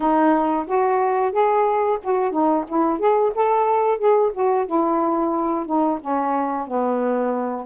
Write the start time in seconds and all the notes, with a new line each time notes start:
0.00 D#4
0.67 F#4
1.32 G#4
2.03 F#4
2.31 D#4
2.68 E4
2.98 G#4
3.35 A4
3.98 G#4
4.33 F#4
4.66 E4
5.65 D#4
6.00 C#4
6.67 B3